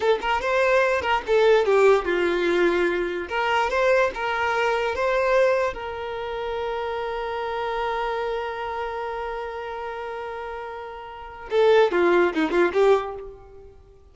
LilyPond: \new Staff \with { instrumentName = "violin" } { \time 4/4 \tempo 4 = 146 a'8 ais'8 c''4. ais'8 a'4 | g'4 f'2. | ais'4 c''4 ais'2 | c''2 ais'2~ |
ais'1~ | ais'1~ | ais'1 | a'4 f'4 dis'8 f'8 g'4 | }